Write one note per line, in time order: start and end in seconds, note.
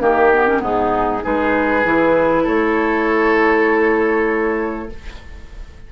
0.00 0.60 D#3
0.00 0.31 A#3
0.00 0.62 G4
0.00 0.63 A#4
0.34 0.47 B3
0.47 0.60 C#4
0.60 1.22 G#2
0.60 1.21 B3
0.60 1.23 D#4
0.60 1.25 G#4
1.22 1.85 G#3
1.22 1.83 D#4
1.22 2.43 G#4
1.22 2.47 B4
1.83 2.46 E3
1.83 4.90 E4
2.43 4.92 A3
2.43 4.88 A4
2.43 4.92 C#5